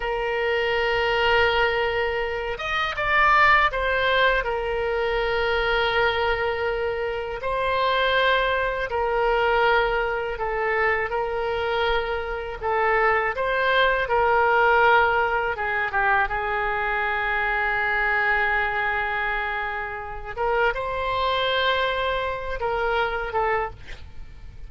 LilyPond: \new Staff \with { instrumentName = "oboe" } { \time 4/4 \tempo 4 = 81 ais'2.~ ais'8 dis''8 | d''4 c''4 ais'2~ | ais'2 c''2 | ais'2 a'4 ais'4~ |
ais'4 a'4 c''4 ais'4~ | ais'4 gis'8 g'8 gis'2~ | gis'2.~ gis'8 ais'8 | c''2~ c''8 ais'4 a'8 | }